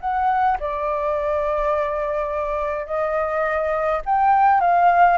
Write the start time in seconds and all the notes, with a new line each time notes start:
0.00 F#5
0.60 D5
2.86 D#5
4.05 G5
4.60 F5